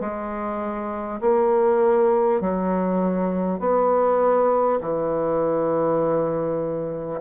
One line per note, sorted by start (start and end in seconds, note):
0.00 1.20 G#3
1.21 2.41 A#3
2.41 3.59 F#3
3.59 4.79 B3
4.80 7.20 E3